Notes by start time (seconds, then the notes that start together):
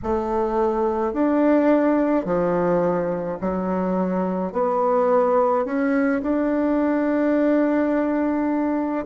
0.03 A3
1.13 D4
2.25 F3
3.40 F#3
4.52 B3
5.64 C#4
6.22 D4